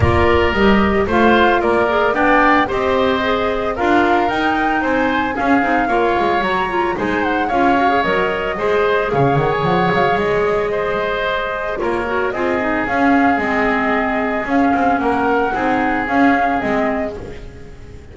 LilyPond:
<<
  \new Staff \with { instrumentName = "flute" } { \time 4/4 \tempo 4 = 112 d''4 dis''4 f''4 d''4 | g''4 dis''2 f''4 | g''4 gis''4 f''2 | ais''4 gis''8 fis''8 f''4 dis''4~ |
dis''4 f''8 fis''16 gis''16 fis''8 f''8 dis''4~ | dis''2 cis''4 dis''4 | f''4 dis''2 f''4 | fis''2 f''4 dis''4 | }
  \new Staff \with { instrumentName = "oboe" } { \time 4/4 ais'2 c''4 ais'4 | d''4 c''2 ais'4~ | ais'4 c''4 gis'4 cis''4~ | cis''4 c''4 cis''2 |
c''4 cis''2. | c''2 ais'4 gis'4~ | gis'1 | ais'4 gis'2. | }
  \new Staff \with { instrumentName = "clarinet" } { \time 4/4 f'4 g'4 f'4. gis'8 | d'4 g'4 gis'4 f'4 | dis'2 cis'8 dis'8 f'4 | fis'8 f'8 dis'4 f'8 fis'16 gis'16 ais'4 |
gis'1~ | gis'2 f'8 fis'8 f'8 dis'8 | cis'4 c'2 cis'4~ | cis'4 dis'4 cis'4 c'4 | }
  \new Staff \with { instrumentName = "double bass" } { \time 4/4 ais4 g4 a4 ais4 | b4 c'2 d'4 | dis'4 c'4 cis'8 c'8 ais8 gis8 | fis4 gis4 cis'4 fis4 |
gis4 cis8 dis8 f8 fis8 gis4~ | gis2 ais4 c'4 | cis'4 gis2 cis'8 c'8 | ais4 c'4 cis'4 gis4 | }
>>